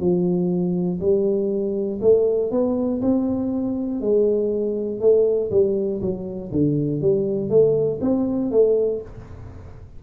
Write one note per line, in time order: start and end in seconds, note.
0.00 1.00 F3
1.00 2.00 G3
2.02 2.52 A3
2.52 3.02 B3
3.02 4.01 C4
4.01 5.01 G#3
5.01 5.51 A3
5.51 6.01 G3
6.01 6.51 F#3
6.52 7.02 D3
7.02 7.50 G3
7.50 8.00 A3
8.01 8.51 C4
8.51 9.01 A3